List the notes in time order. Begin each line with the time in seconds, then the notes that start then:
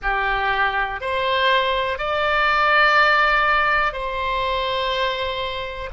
0.02 G4
1.00 C5
1.98 D5
3.93 C5